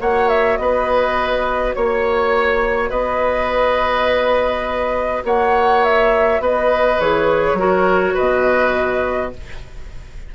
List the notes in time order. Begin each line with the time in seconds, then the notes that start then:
0.00 A#3 F#4 C#5 F#5
0.29 E5
0.57 B3 B4 D#5
1.74 A#3 C#5
2.90 B3 B4 D#5
5.24 A#3 C#5 F#5
5.84 E5
6.40 B3 B4 D#5
7.00 E3 G#4 C#5
7.54 F#3 F#4 A#4
8.14 B2 B4 D#5